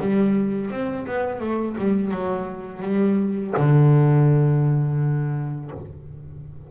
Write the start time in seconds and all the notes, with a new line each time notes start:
0.00 G3
0.70 C4
1.06 B3
1.40 A3
1.78 G3
2.11 F#3
2.82 G3
3.56 D3